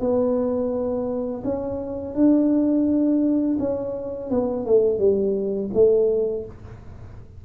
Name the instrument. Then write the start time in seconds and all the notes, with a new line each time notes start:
tuba
0.00 B3
1.44 C#4
2.14 D4
3.59 C#4
4.30 B3
4.66 A3
4.98 G3
5.73 A3